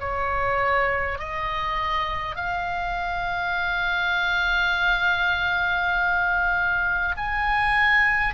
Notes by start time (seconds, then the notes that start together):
0.00 C#5
1.19 D#5
2.35 F5
7.16 G#5